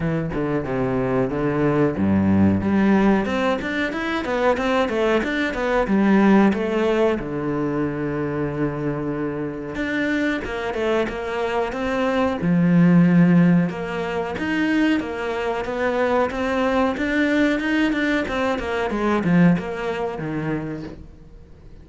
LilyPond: \new Staff \with { instrumentName = "cello" } { \time 4/4 \tempo 4 = 92 e8 d8 c4 d4 g,4 | g4 c'8 d'8 e'8 b8 c'8 a8 | d'8 b8 g4 a4 d4~ | d2. d'4 |
ais8 a8 ais4 c'4 f4~ | f4 ais4 dis'4 ais4 | b4 c'4 d'4 dis'8 d'8 | c'8 ais8 gis8 f8 ais4 dis4 | }